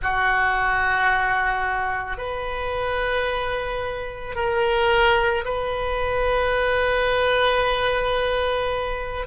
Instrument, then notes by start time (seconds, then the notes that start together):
oboe
0.02 F#4
2.17 B4
4.35 A#4
5.44 B4